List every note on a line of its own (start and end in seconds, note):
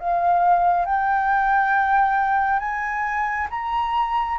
0.00 0.86 F5
0.86 2.60 G5
2.60 3.48 G#5
3.51 4.39 A#5